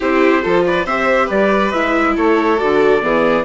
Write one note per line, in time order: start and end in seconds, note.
0.00 0.44 C4
0.00 0.42 E4
0.00 0.42 G4
0.00 0.66 C5
0.42 0.85 F3
0.42 0.85 F4
0.42 0.64 A4
0.66 0.85 B4
0.66 0.86 D5
0.85 1.28 C4
0.85 1.73 G4
0.85 1.26 C5
0.85 1.29 E5
1.26 1.73 G3
1.26 2.12 B4
1.26 1.71 D5
1.71 2.17 G#3
1.71 2.57 E4
1.71 2.14 E5
2.16 2.60 A3
2.16 3.02 A4
2.16 2.58 C#5
2.57 3.03 D3
2.57 3.00 F#4
2.57 3.44 D5
3.01 3.44 E3
3.01 3.44 B3
3.01 3.44 G#4